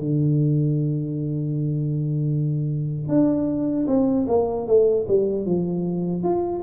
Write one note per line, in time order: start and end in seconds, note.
0.00 3.09 D3
3.09 3.87 D4
3.88 4.26 C4
4.28 4.67 A#3
4.68 5.06 A3
5.09 5.46 G3
5.46 6.24 F3
6.24 6.63 F4